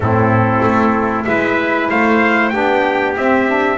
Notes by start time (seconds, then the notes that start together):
0.00 A2 C4 E4 A4
0.62 A3
1.24 G#3 E4 B4 E5
1.89 A3 C5 F5
2.49 B3 D4 G4 G5
3.16 C4 E5
3.47 D4